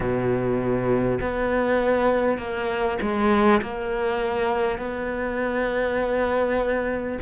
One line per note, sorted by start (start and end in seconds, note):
0.00 1.18 B2
1.21 2.37 B3
2.37 2.97 A#3
3.01 3.61 G#3
3.62 4.78 A#3
4.78 7.18 B3